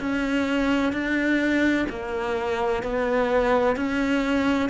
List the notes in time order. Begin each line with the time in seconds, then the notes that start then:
0.00 C#4
0.93 D4
1.90 A#3
2.83 B3
3.76 C#4